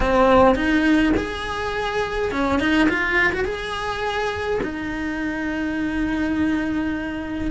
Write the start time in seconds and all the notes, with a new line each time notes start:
0.00 C4
0.55 D#4
1.17 G#4
2.31 C#4
2.59 D#4
2.89 F4
3.33 F#4
3.44 G#4
4.63 D#4